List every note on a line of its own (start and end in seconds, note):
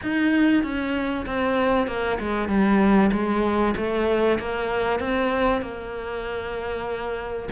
0.02 0.62 D#4
0.62 1.25 C#4
1.26 1.87 C4
1.87 2.18 A#3
2.19 2.48 G#3
2.48 3.11 G3
3.12 3.74 G#3
3.76 4.38 A3
4.39 4.99 A#3
4.99 5.61 C4
5.61 7.49 A#3